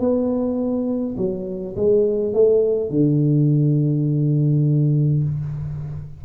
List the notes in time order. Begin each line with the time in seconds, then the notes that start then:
0.00 B3
1.18 F#3
1.76 G#3
2.34 A3
2.90 D3